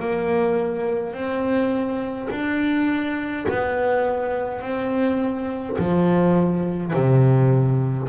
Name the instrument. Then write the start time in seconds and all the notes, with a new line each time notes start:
double bass
0.00 A#3
1.13 C4
2.31 D4
3.49 B3
4.62 C4
5.78 F3
6.93 C3